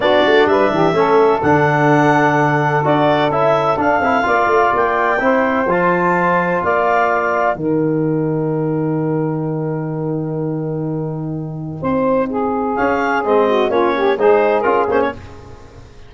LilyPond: <<
  \new Staff \with { instrumentName = "clarinet" } { \time 4/4 \tempo 4 = 127 d''4 e''2 fis''4~ | fis''2 d''4 e''4 | f''2 g''2 | a''2 f''2 |
g''1~ | g''1~ | g''2. f''4 | dis''4 cis''4 c''4 ais'8 c''16 cis''16 | }
  \new Staff \with { instrumentName = "saxophone" } { \time 4/4 fis'4 b'8 g'8 a'2~ | a'1~ | a'4 d''2 c''4~ | c''2 d''2 |
ais'1~ | ais'1~ | ais'4 c''4 gis'2~ | gis'8 fis'8 f'8 g'8 gis'2 | }
  \new Staff \with { instrumentName = "trombone" } { \time 4/4 d'2 cis'4 d'4~ | d'2 fis'4 e'4 | d'8 e'8 f'2 e'4 | f'1 |
dis'1~ | dis'1~ | dis'2. cis'4 | c'4 cis'4 dis'4 f'8 cis'8 | }
  \new Staff \with { instrumentName = "tuba" } { \time 4/4 b8 a8 g8 e8 a4 d4~ | d2 d'4 cis'4 | d'8 c'8 ais8 a8 ais4 c'4 | f2 ais2 |
dis1~ | dis1~ | dis4 c'2 cis'4 | gis4 ais4 gis4 cis'8 ais8 | }
>>